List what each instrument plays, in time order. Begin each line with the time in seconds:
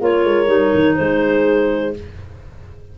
0.00 tuba A#3, clarinet F4 C#5, horn A#4
0.25 tuba G#3
0.47 tuba G3, clarinet D#4
0.75 tuba D#3
0.96 tuba G#3, horn G#4, clarinet C5